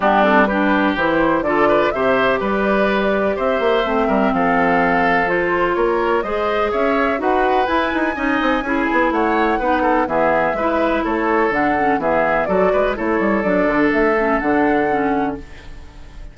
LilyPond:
<<
  \new Staff \with { instrumentName = "flute" } { \time 4/4 \tempo 4 = 125 g'8 a'8 b'4 c''4 d''4 | e''4 d''2 e''4~ | e''4 f''2 c''4 | cis''4 dis''4 e''4 fis''4 |
gis''2. fis''4~ | fis''4 e''2 cis''4 | fis''4 e''4 d''4 cis''4 | d''4 e''4 fis''2 | }
  \new Staff \with { instrumentName = "oboe" } { \time 4/4 d'4 g'2 a'8 b'8 | c''4 b'2 c''4~ | c''8 ais'8 a'2. | ais'4 c''4 cis''4 b'4~ |
b'4 dis''4 gis'4 cis''4 | b'8 a'8 gis'4 b'4 a'4~ | a'4 gis'4 a'8 b'8 a'4~ | a'1 | }
  \new Staff \with { instrumentName = "clarinet" } { \time 4/4 b8 c'8 d'4 e'4 f'4 | g'1 | c'2. f'4~ | f'4 gis'2 fis'4 |
e'4 dis'4 e'2 | dis'4 b4 e'2 | d'8 cis'8 b4 fis'4 e'4 | d'4. cis'8 d'4 cis'4 | }
  \new Staff \with { instrumentName = "bassoon" } { \time 4/4 g2 e4 d4 | c4 g2 c'8 ais8 | a8 g8 f2. | ais4 gis4 cis'4 dis'4 |
e'8 dis'8 cis'8 c'8 cis'8 b8 a4 | b4 e4 gis4 a4 | d4 e4 fis8 gis8 a8 g8 | fis8 d8 a4 d2 | }
>>